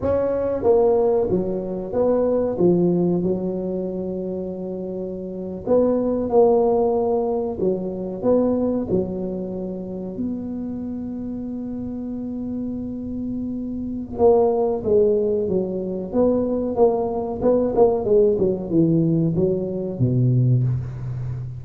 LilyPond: \new Staff \with { instrumentName = "tuba" } { \time 4/4 \tempo 4 = 93 cis'4 ais4 fis4 b4 | f4 fis2.~ | fis8. b4 ais2 fis16~ | fis8. b4 fis2 b16~ |
b1~ | b2 ais4 gis4 | fis4 b4 ais4 b8 ais8 | gis8 fis8 e4 fis4 b,4 | }